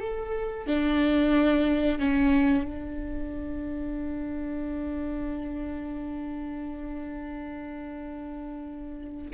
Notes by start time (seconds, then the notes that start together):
0.00 A4
0.67 D4
1.99 C#4
2.64 D4